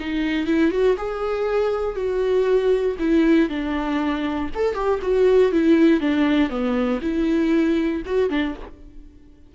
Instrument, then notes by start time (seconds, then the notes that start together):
viola
0.00 D#4
0.47 E4
0.72 F#4
0.97 G#4
1.96 F#4
2.99 E4
3.50 D4
4.55 A4
4.74 G4
5.02 F#4
5.52 E4
6.00 D4
6.50 B3
7.02 E4
8.06 F#4
8.30 D4